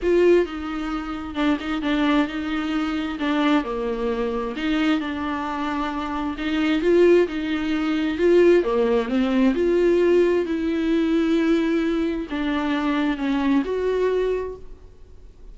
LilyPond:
\new Staff \with { instrumentName = "viola" } { \time 4/4 \tempo 4 = 132 f'4 dis'2 d'8 dis'8 | d'4 dis'2 d'4 | ais2 dis'4 d'4~ | d'2 dis'4 f'4 |
dis'2 f'4 ais4 | c'4 f'2 e'4~ | e'2. d'4~ | d'4 cis'4 fis'2 | }